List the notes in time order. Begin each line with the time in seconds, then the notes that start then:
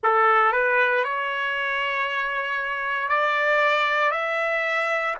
0.03 A4
0.52 B4
1.03 C#5
3.08 D5
4.11 E5